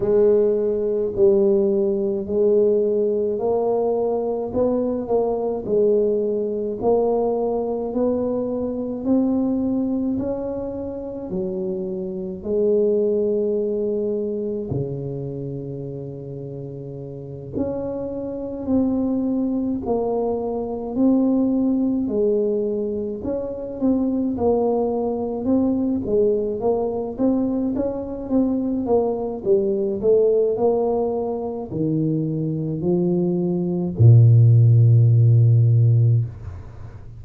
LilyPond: \new Staff \with { instrumentName = "tuba" } { \time 4/4 \tempo 4 = 53 gis4 g4 gis4 ais4 | b8 ais8 gis4 ais4 b4 | c'4 cis'4 fis4 gis4~ | gis4 cis2~ cis8 cis'8~ |
cis'8 c'4 ais4 c'4 gis8~ | gis8 cis'8 c'8 ais4 c'8 gis8 ais8 | c'8 cis'8 c'8 ais8 g8 a8 ais4 | dis4 f4 ais,2 | }